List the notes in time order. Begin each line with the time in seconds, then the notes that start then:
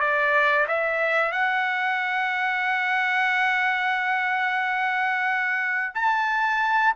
0.00 D5
0.67 E5
1.31 F#5
5.94 A5